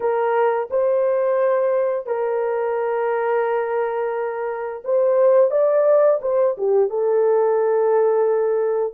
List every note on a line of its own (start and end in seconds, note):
0.00 0.69 A#4
0.70 2.06 C5
2.06 4.82 A#4
4.84 5.50 C5
5.50 6.19 D5
6.21 6.55 C5
6.57 6.89 G4
6.89 8.93 A4